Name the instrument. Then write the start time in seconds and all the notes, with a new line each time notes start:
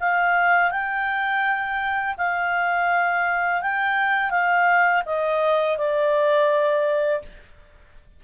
clarinet
0.00 F5
0.71 G5
2.18 F5
3.61 G5
4.30 F5
5.05 D#5
5.77 D5